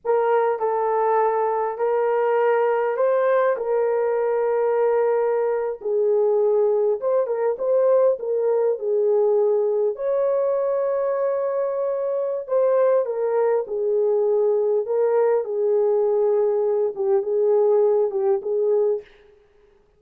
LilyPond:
\new Staff \with { instrumentName = "horn" } { \time 4/4 \tempo 4 = 101 ais'4 a'2 ais'4~ | ais'4 c''4 ais'2~ | ais'4.~ ais'16 gis'2 c''16~ | c''16 ais'8 c''4 ais'4 gis'4~ gis'16~ |
gis'8. cis''2.~ cis''16~ | cis''4 c''4 ais'4 gis'4~ | gis'4 ais'4 gis'2~ | gis'8 g'8 gis'4. g'8 gis'4 | }